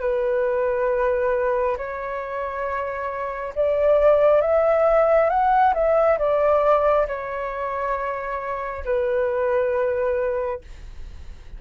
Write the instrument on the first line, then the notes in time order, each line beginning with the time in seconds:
flute
0.00 B4
1.77 C#5
3.55 D5
4.41 E5
5.29 F#5
5.74 E5
6.18 D5
7.07 C#5
8.85 B4